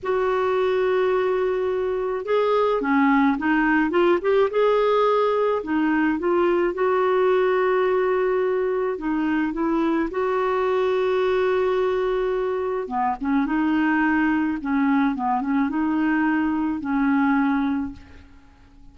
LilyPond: \new Staff \with { instrumentName = "clarinet" } { \time 4/4 \tempo 4 = 107 fis'1 | gis'4 cis'4 dis'4 f'8 g'8 | gis'2 dis'4 f'4 | fis'1 |
dis'4 e'4 fis'2~ | fis'2. b8 cis'8 | dis'2 cis'4 b8 cis'8 | dis'2 cis'2 | }